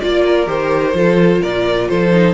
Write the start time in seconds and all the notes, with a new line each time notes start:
0.00 A#3 F4 D5
0.26 A#4
0.46 D#3 G4 C5
0.94 F3 F4 A4
1.41 A#2 A#4 D5
1.89 F3 A4 C5
2.12 D#4